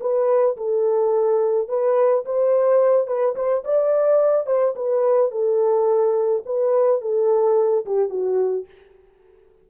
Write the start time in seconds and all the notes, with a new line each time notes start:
0.00 B4
0.57 A4
1.68 B4
2.25 C5
3.07 B4
3.35 C5
3.64 D5
4.46 C5
4.75 B4
5.31 A4
6.45 B4
7.01 A4
7.85 G4
8.10 F#4